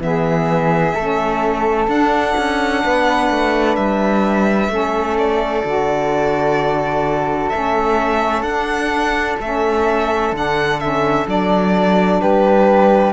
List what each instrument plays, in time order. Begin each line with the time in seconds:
0.00 cello E3, saxophone B3, violin E5
0.06 flute G#4
0.95 cello A3, saxophone C#4, flute A4
1.88 cello D4, saxophone D4, violin F#5
2.38 cello C#4
2.85 cello B3, flute B4
3.31 cello A3
3.76 cello G3, violin E5
4.69 cello A3, saxophone C#4, flute A4
5.19 violin D5
5.65 cello D3, saxophone F#4
7.50 cello A3, saxophone C#4, violin E5
8.43 cello D4, saxophone D4, violin F#5
9.40 cello A3, saxophone C#4, violin E5
10.33 cello D3, saxophone D4, violin F#5
10.80 saxophone C#4, violin E5
11.26 cello F#3, saxophone D4, violin D5
12.21 cello G3, flute G4, violin B4